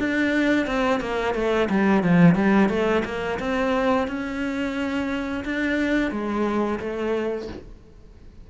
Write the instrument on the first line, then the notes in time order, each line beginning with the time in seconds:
cello
0.00 D4
0.67 C4
1.01 A#3
1.35 A3
1.70 G3
2.04 F3
2.36 G3
2.70 A3
3.05 A#3
3.40 C4
4.08 C#4
5.45 D4
6.11 G#3
6.80 A3